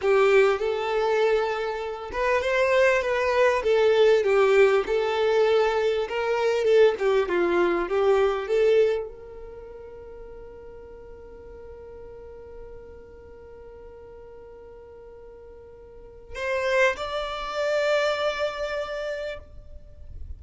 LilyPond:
\new Staff \with { instrumentName = "violin" } { \time 4/4 \tempo 4 = 99 g'4 a'2~ a'8 b'8 | c''4 b'4 a'4 g'4 | a'2 ais'4 a'8 g'8 | f'4 g'4 a'4 ais'4~ |
ais'1~ | ais'1~ | ais'2. c''4 | d''1 | }